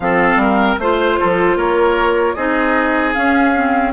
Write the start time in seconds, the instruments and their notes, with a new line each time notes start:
0.00 bassoon F3, clarinet C4, oboe A4, flute F5
0.36 bassoon G3, oboe A#4
0.78 bassoon A3, clarinet F4, flute C5, oboe C5
1.19 bassoon F3, oboe A4
1.55 bassoon A#3, oboe A#4, flute C#5
2.34 bassoon C4, clarinet D#4, oboe G#4, flute D#5
3.13 clarinet C#4, bassoon C#4, flute F5
3.54 clarinet C4